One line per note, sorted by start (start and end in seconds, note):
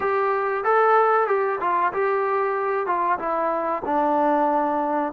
0.00 0.64 G4
0.64 1.27 A4
1.27 1.59 G4
1.60 1.92 F4
1.92 2.86 G4
2.86 3.18 F4
3.18 3.82 E4
3.85 5.12 D4